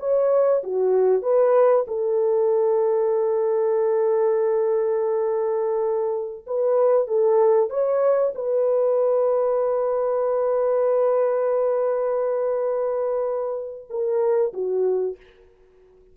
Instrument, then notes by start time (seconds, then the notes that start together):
horn
0.00 C#5
0.64 F#4
1.23 B4
1.88 A4
6.47 B4
7.08 A4
7.71 C#5
8.35 B4
13.90 A#4
14.54 F#4